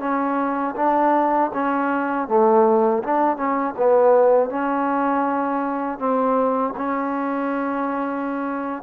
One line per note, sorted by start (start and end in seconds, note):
0.00 0.75 C#4
0.76 1.51 D4
1.54 2.28 C#4
2.28 3.03 A3
3.03 3.37 D4
3.37 3.75 C#4
3.77 4.50 B3
4.50 5.99 C#4
5.99 6.74 C4
6.77 8.83 C#4